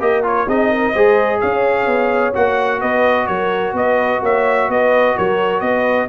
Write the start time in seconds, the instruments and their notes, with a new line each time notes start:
0.00 tuba A#3, trombone G4, horn A#4, trumpet D#5
0.23 trombone F4, trumpet C#5
0.47 tuba C4, trombone D#4, horn G#4, trumpet D#5
0.70 horn A#4
0.92 tuba G#3, trombone G#4, horn C5
1.40 tuba C#4, horn C#5, trumpet F5
1.86 tuba B3
2.33 tuba A#3, trombone F#4, trumpet F#5
2.80 tuba B3, horn B4, trumpet D#5
3.27 tuba F#3, horn A#4, trumpet C#5
3.73 tuba B3, horn B4, trumpet D#5
4.21 tuba A#3, horn C#5, trumpet E5
4.68 tuba B3, horn B4, trumpet D#5
5.16 tuba F#3, horn A#4, trumpet C#5
5.60 tuba B3, horn B4, trumpet D#5